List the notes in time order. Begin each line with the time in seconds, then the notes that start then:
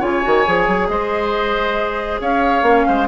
0.00 C#3 F4 C#5 G#5
0.23 D#3 F#4
0.47 F3 G#4
0.68 F#3
0.88 G#3 C5 D#5
2.21 C#4 C#5 F5
2.62 A#3 C#4
2.87 G#3 C5